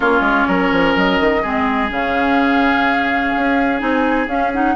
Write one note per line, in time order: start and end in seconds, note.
0.00 0.20 A#3
0.00 1.43 C#4
0.00 0.47 F4
0.00 0.94 C#5
0.20 0.44 G#3
0.47 0.71 F#3
0.47 1.42 A#4
0.72 0.96 F3
0.96 1.19 F#3
0.96 1.91 D#5
1.19 1.43 D#3
1.42 1.90 G#3
1.42 1.89 C4
1.42 4.75 G#4
1.89 3.33 C#3
1.89 3.78 C#4
1.89 3.80 F5
3.36 3.81 C#4
3.78 4.27 C4
3.78 4.26 D#4
3.78 4.27 G#5
4.27 4.74 C#4
4.27 4.52 C#4
4.27 4.52 F5
4.52 4.75 D#4
4.52 4.75 F#5